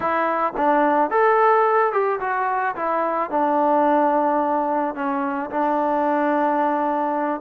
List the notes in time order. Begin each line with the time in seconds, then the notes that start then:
0.00 E4
0.57 D4
1.10 A4
1.92 G4
2.20 F#4
2.75 E4
3.30 D4
4.94 C#4
5.50 D4